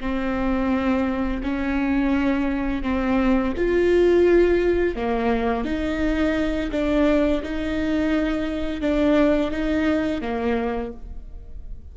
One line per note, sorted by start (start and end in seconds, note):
0.00 1.41 C4
1.43 2.82 C#4
2.82 3.53 C4
3.57 4.96 F4
4.96 5.65 A#3
5.65 6.71 D#4
6.72 7.42 D4
7.43 8.81 D#4
8.81 9.51 D4
9.51 10.21 D#4
10.22 10.92 A#3